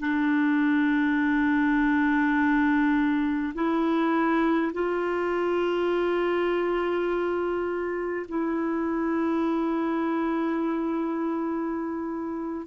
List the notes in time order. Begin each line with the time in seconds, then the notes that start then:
0.00 D4
3.55 E4
4.73 F4
8.28 E4